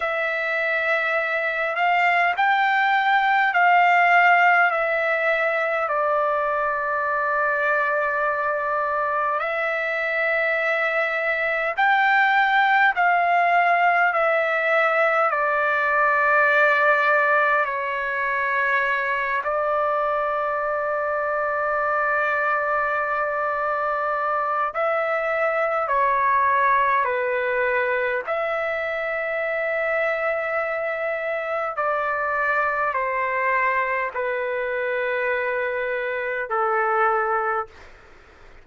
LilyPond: \new Staff \with { instrumentName = "trumpet" } { \time 4/4 \tempo 4 = 51 e''4. f''8 g''4 f''4 | e''4 d''2. | e''2 g''4 f''4 | e''4 d''2 cis''4~ |
cis''8 d''2.~ d''8~ | d''4 e''4 cis''4 b'4 | e''2. d''4 | c''4 b'2 a'4 | }